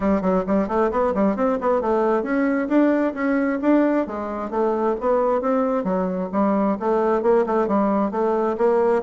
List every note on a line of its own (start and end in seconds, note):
0.00 0.21 G3
0.21 0.44 F#3
0.46 0.68 G3
0.68 0.90 A3
0.91 1.13 B3
1.14 1.36 G3
1.36 1.58 C4
1.60 1.81 B3
1.81 2.22 A3
2.22 2.67 C#4
2.68 3.13 D4
3.14 3.59 C#4
3.61 4.06 D4
4.06 4.50 G#3
4.50 4.95 A3
5.00 5.41 B3
5.41 5.84 C4
5.84 6.29 F#3
6.32 6.77 G3
6.79 7.22 A3
7.22 7.45 A#3
7.46 7.67 A3
7.67 8.11 G3
8.11 8.56 A3
8.57 9.02 A#3